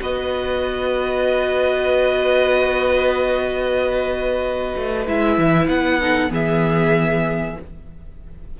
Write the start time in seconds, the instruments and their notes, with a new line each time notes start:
0.00 cello B3, viola F#4, violin B4 D#5
4.76 cello A3
5.07 cello G#3, viola E4, violin E5
5.38 cello E3
5.68 cello B3, violin F#5
5.99 viola D#4, violin A4
6.29 cello E3, viola B3, violin G#4 E5